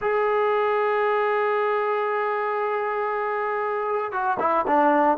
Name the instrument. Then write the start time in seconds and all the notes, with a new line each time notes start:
trombone
0.01 G#4
4.11 F#4
4.39 E4
4.67 D4